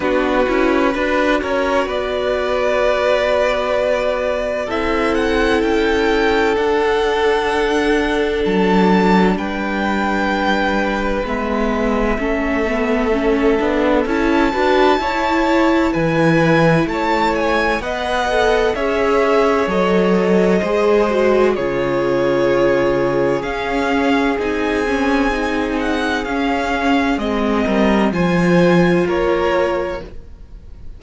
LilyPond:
<<
  \new Staff \with { instrumentName = "violin" } { \time 4/4 \tempo 4 = 64 b'4. cis''8 d''2~ | d''4 e''8 fis''8 g''4 fis''4~ | fis''4 a''4 g''2 | e''2. a''4~ |
a''4 gis''4 a''8 gis''8 fis''4 | e''4 dis''2 cis''4~ | cis''4 f''4 gis''4. fis''8 | f''4 dis''4 gis''4 cis''4 | }
  \new Staff \with { instrumentName = "violin" } { \time 4/4 fis'4 b'8 ais'8 b'2~ | b'4 a'2.~ | a'2 b'2~ | b'4 a'2~ a'8 b'8 |
cis''4 b'4 cis''4 dis''4 | cis''2 c''4 gis'4~ | gis'1~ | gis'4. ais'8 c''4 ais'4 | }
  \new Staff \with { instrumentName = "viola" } { \time 4/4 d'8 e'8 fis'2.~ | fis'4 e'2 d'4~ | d'1 | b4 cis'8 b8 cis'8 d'8 e'8 fis'8 |
e'2. b'8 a'8 | gis'4 a'4 gis'8 fis'8 f'4~ | f'4 cis'4 dis'8 cis'8 dis'4 | cis'4 c'4 f'2 | }
  \new Staff \with { instrumentName = "cello" } { \time 4/4 b8 cis'8 d'8 cis'8 b2~ | b4 c'4 cis'4 d'4~ | d'4 fis4 g2 | gis4 a4. b8 cis'8 d'8 |
e'4 e4 a4 b4 | cis'4 fis4 gis4 cis4~ | cis4 cis'4 c'2 | cis'4 gis8 g8 f4 ais4 | }
>>